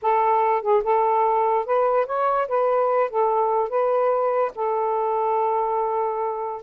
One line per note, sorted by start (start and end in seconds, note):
0.02 0.62 A4
0.62 0.82 G#4
0.83 1.65 A4
1.65 2.06 B4
2.06 2.47 C#5
2.48 3.10 B4
3.10 3.69 A4
3.69 4.51 B4
4.55 6.62 A4